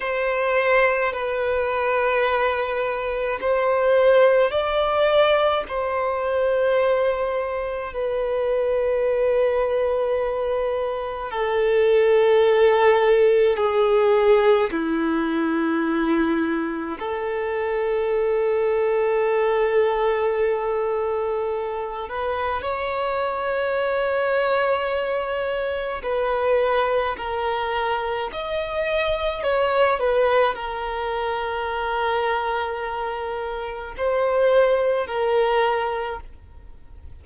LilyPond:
\new Staff \with { instrumentName = "violin" } { \time 4/4 \tempo 4 = 53 c''4 b'2 c''4 | d''4 c''2 b'4~ | b'2 a'2 | gis'4 e'2 a'4~ |
a'2.~ a'8 b'8 | cis''2. b'4 | ais'4 dis''4 cis''8 b'8 ais'4~ | ais'2 c''4 ais'4 | }